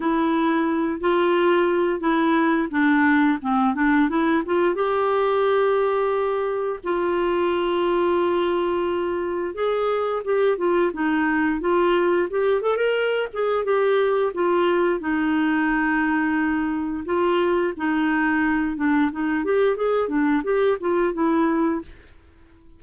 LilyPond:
\new Staff \with { instrumentName = "clarinet" } { \time 4/4 \tempo 4 = 88 e'4. f'4. e'4 | d'4 c'8 d'8 e'8 f'8 g'4~ | g'2 f'2~ | f'2 gis'4 g'8 f'8 |
dis'4 f'4 g'8 a'16 ais'8. gis'8 | g'4 f'4 dis'2~ | dis'4 f'4 dis'4. d'8 | dis'8 g'8 gis'8 d'8 g'8 f'8 e'4 | }